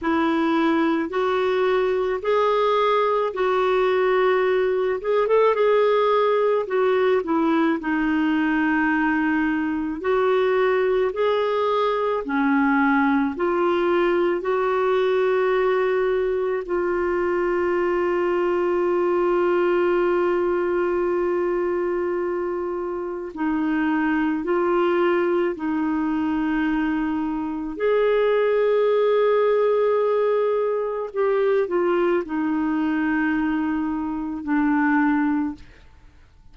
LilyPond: \new Staff \with { instrumentName = "clarinet" } { \time 4/4 \tempo 4 = 54 e'4 fis'4 gis'4 fis'4~ | fis'8 gis'16 a'16 gis'4 fis'8 e'8 dis'4~ | dis'4 fis'4 gis'4 cis'4 | f'4 fis'2 f'4~ |
f'1~ | f'4 dis'4 f'4 dis'4~ | dis'4 gis'2. | g'8 f'8 dis'2 d'4 | }